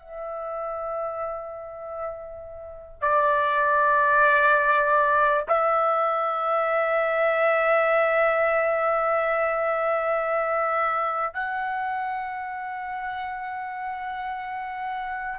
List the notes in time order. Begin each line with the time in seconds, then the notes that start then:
0.00 E5
3.02 D5
5.49 E5
11.34 F#5